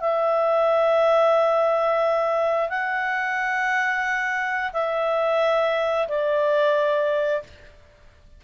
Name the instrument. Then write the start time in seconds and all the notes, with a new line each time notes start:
clarinet
0.00 E5
2.69 F#5
4.73 E5
6.08 D5